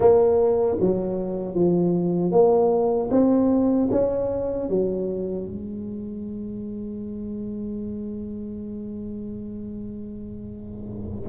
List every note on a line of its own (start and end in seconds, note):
0.00 0.77 A#3
0.80 1.54 F#3
1.54 2.31 F3
2.31 3.09 A#3
3.10 3.88 C4
3.91 4.69 C#4
4.69 5.45 F#3
5.45 11.29 G#3